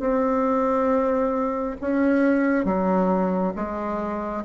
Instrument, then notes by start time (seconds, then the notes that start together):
bassoon
0.00 C4
1.81 C#4
2.65 F#3
3.56 G#3